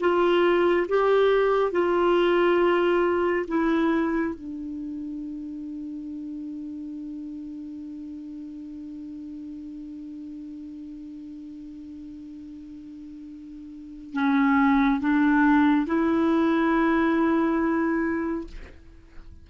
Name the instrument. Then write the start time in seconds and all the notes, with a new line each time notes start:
clarinet
0.00 F4
0.89 G4
1.72 F4
3.48 E4
4.35 D4
14.13 C#4
15.00 D4
15.87 E4